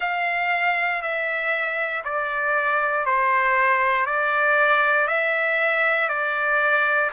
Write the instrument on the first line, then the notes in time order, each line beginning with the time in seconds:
trumpet
0.00 F5
1.02 E5
2.04 D5
3.05 C5
4.05 D5
5.07 E5
6.08 D5